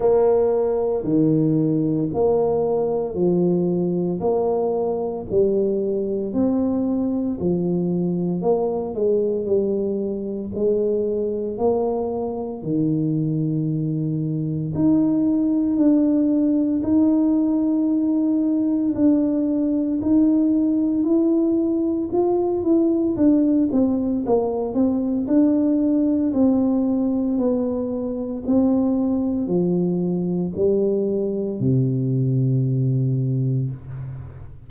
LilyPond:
\new Staff \with { instrumentName = "tuba" } { \time 4/4 \tempo 4 = 57 ais4 dis4 ais4 f4 | ais4 g4 c'4 f4 | ais8 gis8 g4 gis4 ais4 | dis2 dis'4 d'4 |
dis'2 d'4 dis'4 | e'4 f'8 e'8 d'8 c'8 ais8 c'8 | d'4 c'4 b4 c'4 | f4 g4 c2 | }